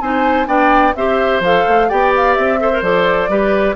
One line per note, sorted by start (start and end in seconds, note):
0.00 0.47 C4
0.00 0.46 D#4
0.00 0.47 C5
0.00 0.47 G#5
0.46 0.94 B3
0.46 0.93 D4
0.46 0.94 D5
0.46 0.94 G5
0.95 1.40 C4
0.95 1.43 G4
0.95 1.89 C5
0.95 1.42 E5
1.40 1.63 F3
1.40 1.89 A4
1.40 1.89 F5
1.68 1.91 A3
1.89 2.37 B3
1.89 2.59 G4
1.89 2.59 D5
1.89 2.12 G5
2.16 2.34 F5
2.34 2.81 C4
2.34 2.81 E5
2.59 2.71 A4
2.59 3.30 C5
2.72 2.83 A#4
2.81 3.28 F3
2.81 3.29 A4
2.81 3.75 D5
3.28 3.75 G3
3.28 3.75 G4
3.28 3.75 B4